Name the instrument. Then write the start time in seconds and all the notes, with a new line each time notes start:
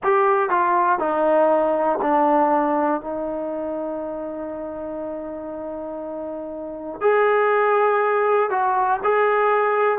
trombone
0.03 G4
0.50 F4
0.99 D#4
2.01 D4
3.00 D#4
7.00 G#4
8.50 F#4
9.03 G#4